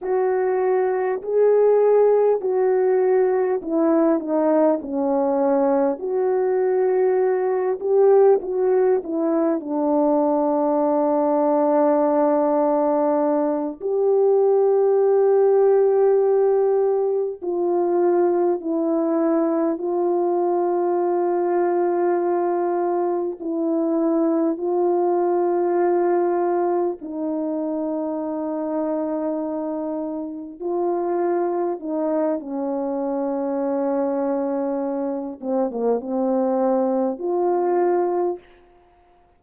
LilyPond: \new Staff \with { instrumentName = "horn" } { \time 4/4 \tempo 4 = 50 fis'4 gis'4 fis'4 e'8 dis'8 | cis'4 fis'4. g'8 fis'8 e'8 | d'2.~ d'8 g'8~ | g'2~ g'8 f'4 e'8~ |
e'8 f'2. e'8~ | e'8 f'2 dis'4.~ | dis'4. f'4 dis'8 cis'4~ | cis'4. c'16 ais16 c'4 f'4 | }